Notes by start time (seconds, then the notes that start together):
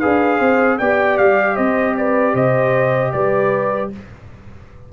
0.00 D4 G#4 B4 F5
0.39 C4 C5
0.79 B3 G4 D5 G5
1.18 G3 F5
1.56 C4 C5 D#5
1.97 B4 D5
2.34 C3 C5 D#5
3.12 G3 B4 D5